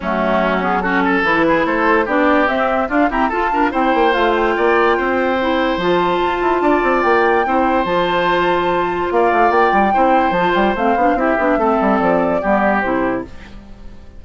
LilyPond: <<
  \new Staff \with { instrumentName = "flute" } { \time 4/4 \tempo 4 = 145 fis'4. gis'8 a'4 b'4 | c''4 d''4 e''4 f''8 ais''8 | a''4 g''4 f''8 g''4.~ | g''2 a''2~ |
a''4 g''2 a''4~ | a''2 f''4 g''4~ | g''4 a''8 g''8 f''4 e''4~ | e''4 d''2 c''4 | }
  \new Staff \with { instrumentName = "oboe" } { \time 4/4 cis'2 fis'8 a'4 gis'8 | a'4 g'2 f'8 g'8 | a'8 ais'8 c''2 d''4 | c''1 |
d''2 c''2~ | c''2 d''2 | c''2. g'4 | a'2 g'2 | }
  \new Staff \with { instrumentName = "clarinet" } { \time 4/4 a4. b8 cis'4 e'4~ | e'4 d'4 c'4 d'8 c'8 | f'8 d'8 e'4 f'2~ | f'4 e'4 f'2~ |
f'2 e'4 f'4~ | f'1 | e'4 f'4 c'8 d'8 e'8 d'8 | c'2 b4 e'4 | }
  \new Staff \with { instrumentName = "bassoon" } { \time 4/4 fis2. e4 | a4 b4 c'4 d'8 e'8 | f'4 c'8 ais8 a4 ais4 | c'2 f4 f'8 e'8 |
d'8 c'8 ais4 c'4 f4~ | f2 ais8 a8 ais8 g8 | c'4 f8 g8 a8 b8 c'8 b8 | a8 g8 f4 g4 c4 | }
>>